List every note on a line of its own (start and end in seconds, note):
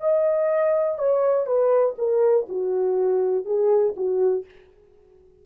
0.00 0.98 D#5
0.98 1.46 C#5
1.46 1.95 B4
1.98 2.47 A#4
2.49 3.45 F#4
3.45 3.94 G#4
3.96 4.45 F#4